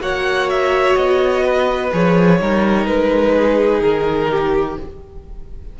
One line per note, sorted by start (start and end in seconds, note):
0.00 0.95 A#3
0.00 1.91 F#4
0.00 1.44 C#5
0.00 0.50 F#5
0.50 0.96 E5
0.96 1.91 B3
0.96 1.91 D#5
1.44 2.39 B4
1.92 2.41 F3
1.92 2.40 G#4
1.92 2.87 C#5
2.41 2.87 G3
2.41 4.80 D#4
2.41 3.36 A#4
2.87 3.82 G#3
2.87 3.81 B4
3.36 4.31 G#4
3.81 4.77 D#3
3.81 4.76 A#4
4.31 4.79 G4